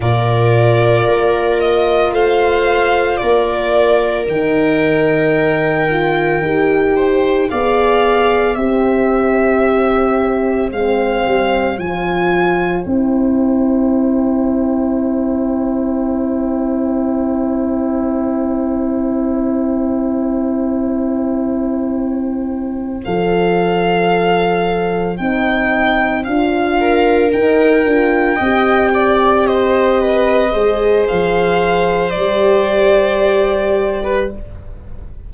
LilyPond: <<
  \new Staff \with { instrumentName = "violin" } { \time 4/4 \tempo 4 = 56 d''4. dis''8 f''4 d''4 | g''2. f''4 | e''2 f''4 gis''4 | g''1~ |
g''1~ | g''4. f''2 g''8~ | g''8 f''4 g''2 dis''8~ | dis''4 f''4 d''2 | }
  \new Staff \with { instrumentName = "viola" } { \time 4/4 ais'2 c''4 ais'4~ | ais'2~ ais'8 c''8 d''4 | c''1~ | c''1~ |
c''1~ | c''1~ | c''4 ais'4. dis''8 d''8 c''8 | b'8 c''2.~ c''16 b'16 | }
  \new Staff \with { instrumentName = "horn" } { \time 4/4 f'1 | dis'4. f'8 g'4 gis'4 | g'2 c'4 f'4 | e'1~ |
e'1~ | e'4. a'2 dis'8~ | dis'8 f'4 dis'8 f'8 g'4.~ | g'8 gis'4. g'2 | }
  \new Staff \with { instrumentName = "tuba" } { \time 4/4 ais,4 ais4 a4 ais4 | dis2 dis'4 b4 | c'2 gis8 g8 f4 | c'1~ |
c'1~ | c'4. f2 c'8~ | c'8 d'4 dis'8 d'8 c'4.~ | c'8 gis8 f4 g2 | }
>>